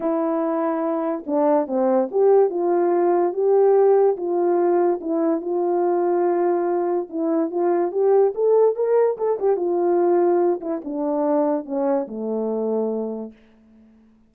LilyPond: \new Staff \with { instrumentName = "horn" } { \time 4/4 \tempo 4 = 144 e'2. d'4 | c'4 g'4 f'2 | g'2 f'2 | e'4 f'2.~ |
f'4 e'4 f'4 g'4 | a'4 ais'4 a'8 g'8 f'4~ | f'4. e'8 d'2 | cis'4 a2. | }